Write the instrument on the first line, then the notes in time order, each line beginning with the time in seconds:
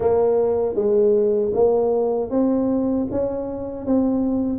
tuba
0.00 A#3
0.75 G#3
1.53 A#3
2.30 C4
3.11 C#4
3.86 C4